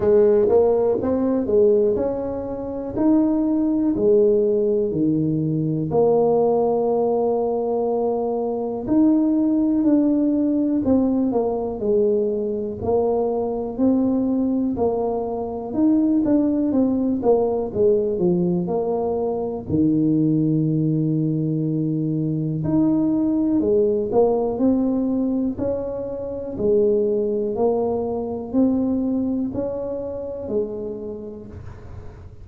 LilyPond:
\new Staff \with { instrumentName = "tuba" } { \time 4/4 \tempo 4 = 61 gis8 ais8 c'8 gis8 cis'4 dis'4 | gis4 dis4 ais2~ | ais4 dis'4 d'4 c'8 ais8 | gis4 ais4 c'4 ais4 |
dis'8 d'8 c'8 ais8 gis8 f8 ais4 | dis2. dis'4 | gis8 ais8 c'4 cis'4 gis4 | ais4 c'4 cis'4 gis4 | }